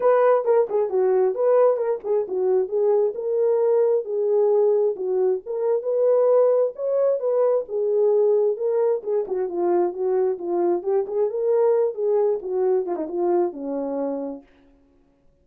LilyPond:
\new Staff \with { instrumentName = "horn" } { \time 4/4 \tempo 4 = 133 b'4 ais'8 gis'8 fis'4 b'4 | ais'8 gis'8 fis'4 gis'4 ais'4~ | ais'4 gis'2 fis'4 | ais'4 b'2 cis''4 |
b'4 gis'2 ais'4 | gis'8 fis'8 f'4 fis'4 f'4 | g'8 gis'8 ais'4. gis'4 fis'8~ | fis'8 f'16 dis'16 f'4 cis'2 | }